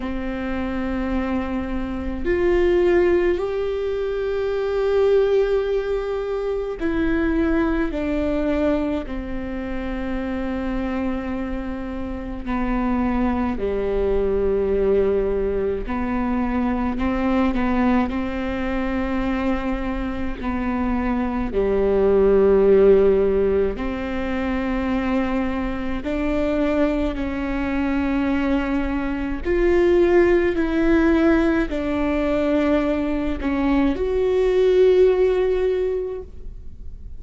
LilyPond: \new Staff \with { instrumentName = "viola" } { \time 4/4 \tempo 4 = 53 c'2 f'4 g'4~ | g'2 e'4 d'4 | c'2. b4 | g2 b4 c'8 b8 |
c'2 b4 g4~ | g4 c'2 d'4 | cis'2 f'4 e'4 | d'4. cis'8 fis'2 | }